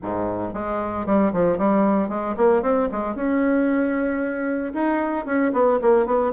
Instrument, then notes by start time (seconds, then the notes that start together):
bassoon
0.02 G#2
0.53 G#3
1.06 G3
1.33 F3
1.58 G3
2.08 G#3
2.37 A#3
2.62 C4
2.91 G#3
3.15 C#4
4.73 D#4
5.25 C#4
5.52 B3
5.81 A#3
6.06 B3